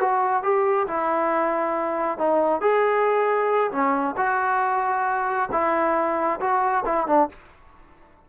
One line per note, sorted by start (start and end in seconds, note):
0.00 0.43 F#4
0.43 0.87 G4
0.87 2.18 E4
2.18 2.60 D#4
2.60 3.71 G#4
3.71 4.15 C#4
4.17 5.49 F#4
5.51 6.40 E4
6.40 6.84 F#4
6.85 7.07 E4
7.07 7.29 D4